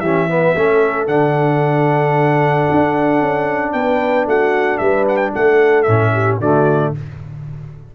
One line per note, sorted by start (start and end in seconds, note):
0.00 0.54 E3
0.00 0.29 C#4
0.00 0.29 G4
0.00 1.06 E5
0.29 0.56 B3
0.29 0.56 B4
0.56 1.08 A3
0.56 1.08 C#4
0.56 3.75 A4
1.08 2.67 D3
1.08 5.86 D4
1.08 3.73 F#5
2.71 3.21 D4
3.21 3.74 C#4
3.73 4.27 B3
3.73 4.28 B4
3.73 4.26 G5
4.27 4.80 A3
4.27 4.80 F#4
4.27 4.78 F#5
4.78 5.33 G3
4.78 5.33 B4
4.78 5.05 E5
5.09 5.17 F#5
5.17 5.30 G5
5.33 5.88 A3
5.33 6.13 A4
5.33 5.83 F#5
5.83 6.40 A2
5.83 6.42 C#4
5.83 6.36 E5
6.13 6.40 G4
6.40 6.93 D3
6.40 6.95 A3
6.40 6.93 F#4
6.40 6.94 D5